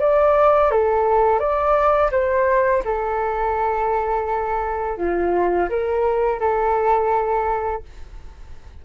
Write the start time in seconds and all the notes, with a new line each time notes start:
0.00 D5
0.71 A4
1.40 D5
2.12 C5
2.85 A4
4.98 F4
5.69 A#4
6.40 A4